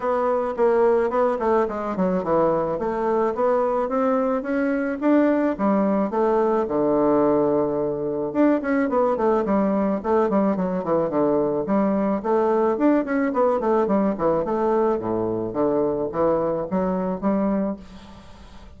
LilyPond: \new Staff \with { instrumentName = "bassoon" } { \time 4/4 \tempo 4 = 108 b4 ais4 b8 a8 gis8 fis8 | e4 a4 b4 c'4 | cis'4 d'4 g4 a4 | d2. d'8 cis'8 |
b8 a8 g4 a8 g8 fis8 e8 | d4 g4 a4 d'8 cis'8 | b8 a8 g8 e8 a4 a,4 | d4 e4 fis4 g4 | }